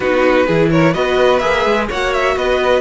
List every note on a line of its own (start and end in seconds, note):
0.00 0.46 B3
0.00 0.47 D#4
0.00 0.46 F#4
0.00 0.69 B4
0.46 0.95 E3
0.46 0.93 E4
0.46 0.70 G#4
0.70 0.93 A#4
0.70 0.94 C#5
0.93 1.42 B3
0.93 1.40 F#4
0.93 1.87 B4
0.93 1.39 D#5
1.39 1.65 A#3
1.39 1.88 G#4
1.39 1.86 E5
1.65 1.89 G#3
1.88 2.36 A#3
1.88 2.81 F#4
1.88 2.35 C#5
1.88 2.13 F#5
2.13 2.37 E5
2.35 2.81 B3
2.35 2.81 B4
2.35 2.81 D#5